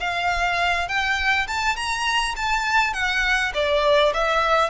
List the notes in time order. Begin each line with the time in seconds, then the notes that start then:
0.00 F5
0.88 G5
1.47 A5
1.76 A#5
2.36 A5
2.93 F#5
3.54 D5
4.14 E5